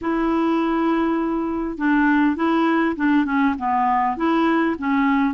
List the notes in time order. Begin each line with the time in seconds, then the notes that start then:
0.01 E4
1.77 D4
2.36 E4
2.95 D4
3.25 C#4
3.58 B3
4.16 E4
4.78 C#4